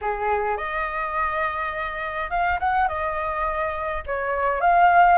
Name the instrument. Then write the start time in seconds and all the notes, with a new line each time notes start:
flute
0.01 G#4
0.57 D#5
2.30 F5
2.59 F#5
2.88 D#5
4.06 C#5
4.60 F5